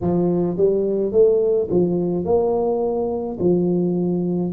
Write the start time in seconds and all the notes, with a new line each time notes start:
0.01 F3
0.57 G3
1.12 A3
1.70 F3
2.24 A#3
3.40 F3